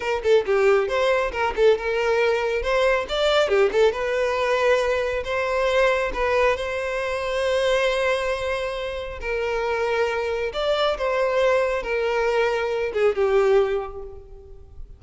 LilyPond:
\new Staff \with { instrumentName = "violin" } { \time 4/4 \tempo 4 = 137 ais'8 a'8 g'4 c''4 ais'8 a'8 | ais'2 c''4 d''4 | g'8 a'8 b'2. | c''2 b'4 c''4~ |
c''1~ | c''4 ais'2. | d''4 c''2 ais'4~ | ais'4. gis'8 g'2 | }